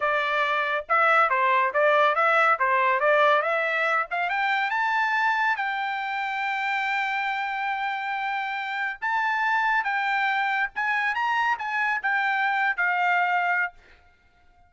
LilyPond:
\new Staff \with { instrumentName = "trumpet" } { \time 4/4 \tempo 4 = 140 d''2 e''4 c''4 | d''4 e''4 c''4 d''4 | e''4. f''8 g''4 a''4~ | a''4 g''2.~ |
g''1~ | g''4 a''2 g''4~ | g''4 gis''4 ais''4 gis''4 | g''4.~ g''16 f''2~ f''16 | }